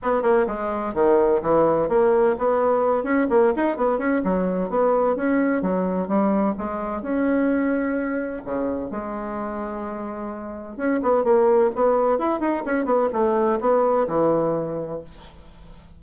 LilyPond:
\new Staff \with { instrumentName = "bassoon" } { \time 4/4 \tempo 4 = 128 b8 ais8 gis4 dis4 e4 | ais4 b4. cis'8 ais8 dis'8 | b8 cis'8 fis4 b4 cis'4 | fis4 g4 gis4 cis'4~ |
cis'2 cis4 gis4~ | gis2. cis'8 b8 | ais4 b4 e'8 dis'8 cis'8 b8 | a4 b4 e2 | }